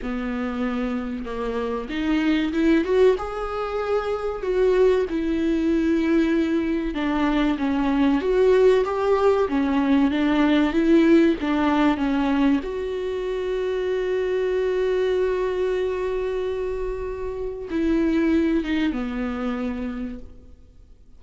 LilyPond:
\new Staff \with { instrumentName = "viola" } { \time 4/4 \tempo 4 = 95 b2 ais4 dis'4 | e'8 fis'8 gis'2 fis'4 | e'2. d'4 | cis'4 fis'4 g'4 cis'4 |
d'4 e'4 d'4 cis'4 | fis'1~ | fis'1 | e'4. dis'8 b2 | }